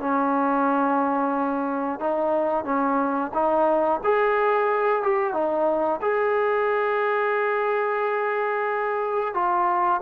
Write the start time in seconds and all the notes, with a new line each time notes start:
0.00 C#4
2.00 D#4
2.65 C#4
3.34 D#4
4.04 G#4
5.03 G4
5.33 D#4
6.02 G#4
9.34 F4